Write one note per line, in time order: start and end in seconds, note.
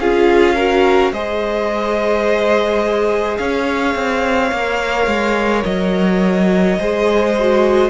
0.00 1.12 C#4
0.00 0.57 F4
0.00 0.55 G#4
0.00 1.13 F5
0.55 1.14 F#4
0.55 1.12 A#4
1.12 3.39 G#3
1.12 4.54 G#4
1.12 3.39 C5
1.12 3.38 D#5
3.38 3.95 C#4
3.38 6.80 C#5
3.38 5.64 F5
3.95 4.52 C4
4.52 5.07 A#3
4.52 6.80 A#4
5.07 5.64 G#3
5.65 6.79 F#3
5.65 7.91 D#5
6.79 7.91 G#3
6.79 7.37 G#4
6.79 7.91 C5
7.40 7.91 F#4